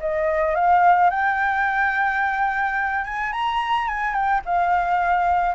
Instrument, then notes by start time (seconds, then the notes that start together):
flute
0.00 D#5
0.55 F5
1.10 G5
3.05 G#5
3.32 A#5
3.88 G#5
4.13 G5
4.45 F5